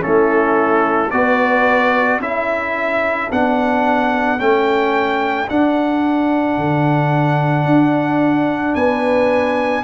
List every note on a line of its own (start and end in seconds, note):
0.00 1.12 A3
0.00 1.09 C#4
0.00 1.12 E4
0.00 1.11 A4
1.11 2.19 B3
1.11 2.22 F#4
1.11 2.21 B4
1.11 2.20 D5
2.19 3.28 C#4
2.19 3.31 E4
2.19 8.75 A4
2.19 3.31 E5
3.31 4.40 B3
3.31 4.38 D4
3.31 4.40 F#5
4.38 5.49 A3
4.38 5.47 C#4
4.38 5.49 G5
5.48 9.84 D4
5.48 6.58 D4
5.48 8.75 F#5
6.58 7.65 D3
7.65 8.75 D4
8.75 9.84 B3
8.75 9.84 B4
8.75 9.84 G#5